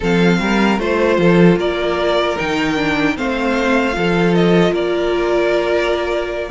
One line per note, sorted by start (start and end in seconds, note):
0.00 0.39 F3
0.00 0.79 C4
0.00 0.38 A4
0.00 0.79 F5
0.39 0.78 G3
0.39 0.81 A#4
0.78 1.17 A3
0.78 2.36 F4
0.78 1.58 C5
0.78 1.20 C5
1.17 1.56 F3
1.17 1.58 A4
1.56 2.35 A#3
1.56 3.16 A#4
1.56 2.37 D5
2.36 3.18 D#3
2.36 2.75 D#4
2.36 3.16 G5
2.75 3.15 D4
3.16 3.96 A3
3.16 3.92 C4
3.16 3.95 C5
3.16 4.34 F5
3.92 4.71 F3
3.92 6.48 F4
3.92 4.72 A4
4.34 4.73 D#5
4.71 6.49 A#3
4.71 6.49 A#4
4.71 6.50 D5